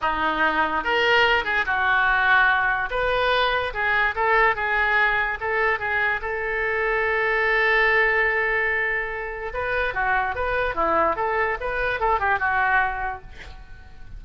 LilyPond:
\new Staff \with { instrumentName = "oboe" } { \time 4/4 \tempo 4 = 145 dis'2 ais'4. gis'8 | fis'2. b'4~ | b'4 gis'4 a'4 gis'4~ | gis'4 a'4 gis'4 a'4~ |
a'1~ | a'2. b'4 | fis'4 b'4 e'4 a'4 | b'4 a'8 g'8 fis'2 | }